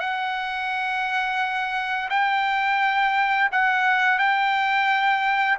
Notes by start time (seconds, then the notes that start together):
0.00 F#5
2.10 G5
3.52 F#5
4.19 G5